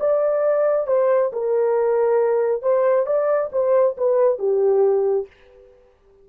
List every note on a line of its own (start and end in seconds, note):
0.00 0.87 D5
0.87 1.31 C5
1.33 2.62 A#4
2.62 3.06 C5
3.06 3.50 D5
3.52 3.96 C5
3.97 4.39 B4
4.39 5.27 G4